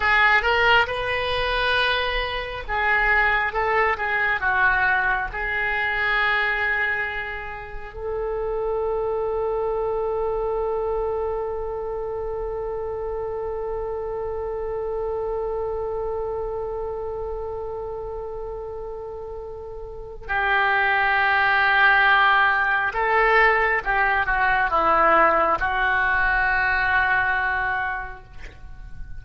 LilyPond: \new Staff \with { instrumentName = "oboe" } { \time 4/4 \tempo 4 = 68 gis'8 ais'8 b'2 gis'4 | a'8 gis'8 fis'4 gis'2~ | gis'4 a'2.~ | a'1~ |
a'1~ | a'2. g'4~ | g'2 a'4 g'8 fis'8 | e'4 fis'2. | }